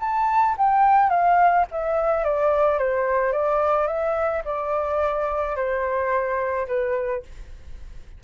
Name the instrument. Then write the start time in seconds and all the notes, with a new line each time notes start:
flute
0.00 A5
0.58 G5
1.10 F5
1.71 E5
2.24 D5
2.78 C5
3.32 D5
3.87 E5
4.45 D5
5.56 C5
6.67 B4